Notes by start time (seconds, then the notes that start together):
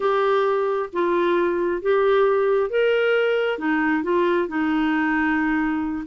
0.00 G4
0.92 F4
1.82 G4
2.70 A#4
3.58 D#4
4.03 F4
4.48 D#4